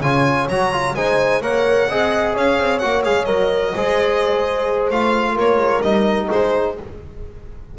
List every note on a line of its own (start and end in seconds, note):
0.00 0.47 C#3
0.00 0.49 F4
0.00 0.95 C#5
0.00 0.48 G#5
0.49 0.95 F#3
0.49 0.72 F#4
0.49 0.95 A#5
0.72 0.95 F4
0.95 1.42 G#3
0.95 1.42 D#4
0.95 1.42 C5
0.95 1.42 G#5
1.42 1.88 A#3
1.42 1.89 A#4
1.42 1.89 C#5
1.42 2.36 F#5
1.89 2.35 C4
1.89 2.81 G#4
1.89 2.34 D#5
2.34 2.59 C#4
2.34 3.73 C#5
2.34 2.79 F5
2.59 2.82 C4
2.79 3.06 A#3
2.79 3.04 F#4
2.79 3.02 F#5
3.04 3.27 G#3
3.04 3.26 G#4
3.04 3.25 F5
3.25 3.74 F#3
3.25 3.73 A#4
3.25 4.88 D#5
3.75 4.91 G#3
3.75 4.92 G#4
3.75 5.35 C5
4.91 5.37 A3
4.91 5.83 F4
4.91 5.37 F5
5.35 5.56 A#3
5.35 6.27 A#4
5.35 5.82 C#5
5.56 5.80 G#3
5.82 6.29 G3
5.82 6.76 D#4
5.82 6.29 D#5
6.27 6.78 G#3
6.27 6.74 G#4
6.27 6.78 C5